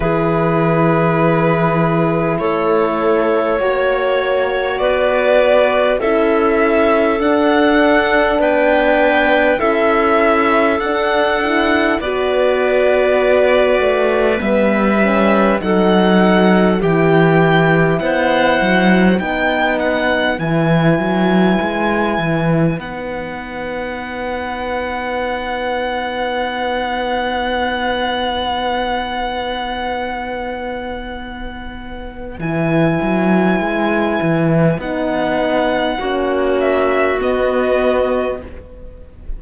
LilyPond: <<
  \new Staff \with { instrumentName = "violin" } { \time 4/4 \tempo 4 = 50 b'2 cis''2 | d''4 e''4 fis''4 g''4 | e''4 fis''4 d''2 | e''4 fis''4 g''4 fis''4 |
g''8 fis''8 gis''2 fis''4~ | fis''1~ | fis''2. gis''4~ | gis''4 fis''4. e''8 dis''4 | }
  \new Staff \with { instrumentName = "clarinet" } { \time 4/4 gis'2 a'4 cis''4 | b'4 a'2 b'4 | a'2 b'2~ | b'4 a'4 g'4 c''4 |
b'1~ | b'1~ | b'1~ | b'2 fis'2 | }
  \new Staff \with { instrumentName = "horn" } { \time 4/4 e'2. fis'4~ | fis'4 e'4 d'2 | e'4 d'8 e'8 fis'2 | b8 cis'8 dis'4 e'2 |
dis'4 e'2 dis'4~ | dis'1~ | dis'2. e'4~ | e'4 dis'4 cis'4 b4 | }
  \new Staff \with { instrumentName = "cello" } { \time 4/4 e2 a4 ais4 | b4 cis'4 d'4 b4 | cis'4 d'4 b4. a8 | g4 fis4 e4 b8 fis8 |
b4 e8 fis8 gis8 e8 b4~ | b1~ | b2. e8 fis8 | gis8 e8 b4 ais4 b4 | }
>>